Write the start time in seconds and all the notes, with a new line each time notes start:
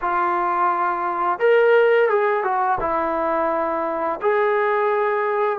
0.01 F4
1.39 A#4
2.09 G#4
2.43 F#4
2.80 E4
4.21 G#4